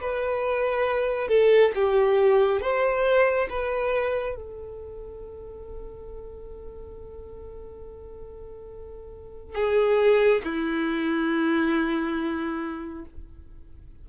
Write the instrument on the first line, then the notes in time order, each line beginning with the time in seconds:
violin
0.00 B4
1.28 A4
1.75 G4
2.61 C5
3.49 B4
4.35 A4
9.55 G#4
10.44 E4